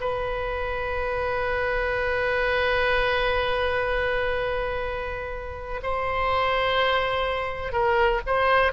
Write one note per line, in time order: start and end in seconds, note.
0.00 5.81 B4
5.83 7.72 C5
7.72 8.21 A#4
8.27 8.72 C5